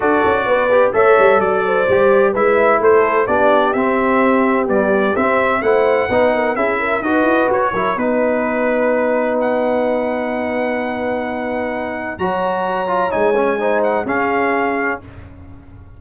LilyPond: <<
  \new Staff \with { instrumentName = "trumpet" } { \time 4/4 \tempo 4 = 128 d''2 e''4 d''4~ | d''4 e''4 c''4 d''4 | e''2 d''4 e''4 | fis''2 e''4 dis''4 |
cis''4 b'2. | fis''1~ | fis''2 ais''2 | gis''4. fis''8 f''2 | }
  \new Staff \with { instrumentName = "horn" } { \time 4/4 a'4 b'4 cis''4 d''8 c''8~ | c''4 b'4 a'4 g'4~ | g'1 | c''4 b'8 ais'8 gis'8 ais'8 b'4~ |
b'8 ais'8 b'2.~ | b'1~ | b'2 cis''2~ | cis''4 c''4 gis'2 | }
  \new Staff \with { instrumentName = "trombone" } { \time 4/4 fis'4. g'8 a'2 | g'4 e'2 d'4 | c'2 g4 c'4 | e'4 dis'4 e'4 fis'4~ |
fis'8 e'8 dis'2.~ | dis'1~ | dis'2 fis'4. f'8 | dis'8 cis'8 dis'4 cis'2 | }
  \new Staff \with { instrumentName = "tuba" } { \time 4/4 d'8 cis'8 b4 a8 g8 fis4 | g4 gis4 a4 b4 | c'2 b4 c'4 | a4 b4 cis'4 dis'8 e'8 |
fis'8 fis8 b2.~ | b1~ | b2 fis2 | gis2 cis'2 | }
>>